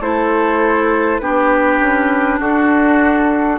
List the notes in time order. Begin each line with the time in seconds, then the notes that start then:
0.00 A3 E4 A4 C5
1.19 B3 D4 G4 B4
1.80 C#4
2.40 D4 F#4 A4